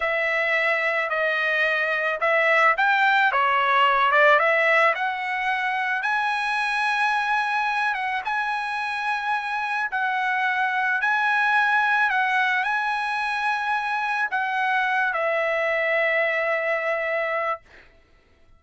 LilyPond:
\new Staff \with { instrumentName = "trumpet" } { \time 4/4 \tempo 4 = 109 e''2 dis''2 | e''4 g''4 cis''4. d''8 | e''4 fis''2 gis''4~ | gis''2~ gis''8 fis''8 gis''4~ |
gis''2 fis''2 | gis''2 fis''4 gis''4~ | gis''2 fis''4. e''8~ | e''1 | }